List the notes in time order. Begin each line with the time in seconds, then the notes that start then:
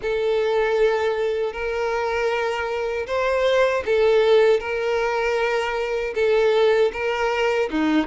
0.02 A4
1.52 A#4
3.06 C5
3.85 A4
4.60 A#4
6.14 A4
6.92 A#4
7.70 D#4